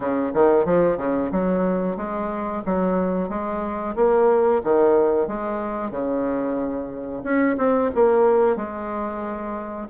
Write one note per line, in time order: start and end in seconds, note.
0.00 0.31 C#3
0.34 0.65 D#3
0.65 0.97 F3
0.97 1.30 C#3
1.31 1.97 F#3
1.97 2.63 G#3
2.65 3.29 F#3
3.29 3.95 G#3
3.95 4.61 A#3
4.63 5.27 D#3
5.27 5.90 G#3
5.90 7.22 C#3
7.23 7.56 C#4
7.57 7.90 C4
7.95 8.56 A#3
8.56 9.88 G#3